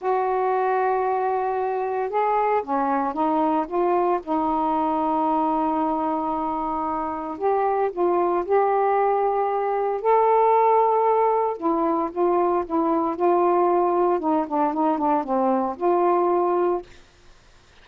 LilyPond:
\new Staff \with { instrumentName = "saxophone" } { \time 4/4 \tempo 4 = 114 fis'1 | gis'4 cis'4 dis'4 f'4 | dis'1~ | dis'2 g'4 f'4 |
g'2. a'4~ | a'2 e'4 f'4 | e'4 f'2 dis'8 d'8 | dis'8 d'8 c'4 f'2 | }